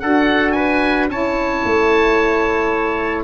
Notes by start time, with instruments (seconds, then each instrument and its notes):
0.00 tuba D4, saxophone F#4, trumpet A4, oboe F#5
0.52 trumpet B4, oboe G#5
1.09 tuba C#4, saxophone E4, trumpet C#5, oboe A5
1.65 tuba A3